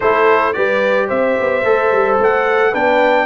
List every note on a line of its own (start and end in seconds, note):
0.00 0.56 A3
0.00 0.53 E4
0.00 0.54 A4
0.00 0.53 C5
0.53 1.10 G3
0.53 1.62 G4
0.53 1.07 B4
0.53 1.07 D5
1.07 1.37 C4
1.07 2.71 C5
1.07 2.18 E5
1.40 1.63 B3
1.63 1.90 A3
1.63 2.73 A4
1.91 2.18 G3
2.19 2.73 A3
2.19 2.74 F#5
2.71 3.26 B3
2.71 3.26 D4
2.71 3.25 B4
2.71 3.26 G5